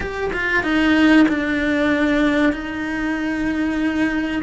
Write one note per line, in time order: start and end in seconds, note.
0.00 0.30 G4
0.33 0.63 F4
0.63 1.26 D#4
1.28 2.52 D4
2.52 4.42 D#4